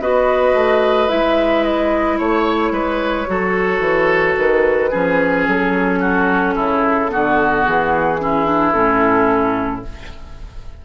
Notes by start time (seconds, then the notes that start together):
0.00 B3 F#4 B4 D#5
0.54 A3
1.08 G#3 E4 E5
1.63 D#5
2.18 A3 C#5
2.72 G#3 B4
3.27 F#3 F#4 A4
3.80 E3
4.37 D#3 B4
4.90 F3 C#4 G#4
5.47 F#3 A4
6.00 F#4
6.56 C#3 E4
7.09 D3 B3 F#4
7.64 E3 G#4
8.20 C#4 E4
8.45 D4
8.73 A2 C#4 A4